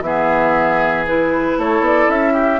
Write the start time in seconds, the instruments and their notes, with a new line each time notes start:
0.00 bassoon E3, clarinet B3, oboe G#4, flute E5
1.06 clarinet E4, flute B4
1.57 bassoon A3, oboe A4, flute C#5
1.79 bassoon B3, flute D5
2.09 bassoon C#4, flute E5
2.33 oboe G4